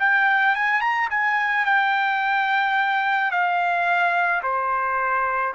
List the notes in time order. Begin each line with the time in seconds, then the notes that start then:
0.00 G5
0.56 G#5
0.81 A#5
1.11 G#5
1.66 G5
3.31 F5
4.43 C5